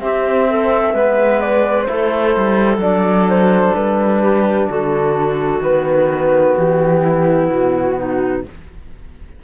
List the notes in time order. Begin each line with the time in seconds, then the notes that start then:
0.00 C4 G4 E5
0.49 A4
0.94 G#3 B3 B4
1.41 D5
1.83 E4 C5
1.90 A3 A4
2.37 G3
2.78 F#3 D4 D5
3.29 C5
3.75 G3 B4
4.22 G4
4.69 D3 F#4 A4
5.61 D#3 B3 B4
6.57 E3 G4
7.01 E4
7.50 B2 F#4
7.96 D#4